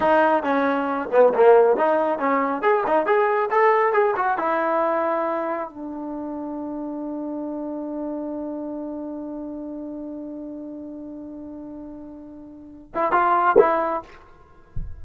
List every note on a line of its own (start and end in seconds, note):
0.00 0.43 D#4
0.43 1.08 C#4
1.11 1.33 B3
1.34 1.76 A#3
1.76 2.18 D#4
2.18 2.62 C#4
2.62 2.83 G#4
2.87 3.06 D#4
3.06 3.49 G#4
3.50 3.92 A4
3.92 4.14 G#4
4.16 4.38 F#4
4.38 5.69 E4
5.69 12.92 D4
12.94 13.12 E4
13.12 13.55 F4
13.58 14.02 E4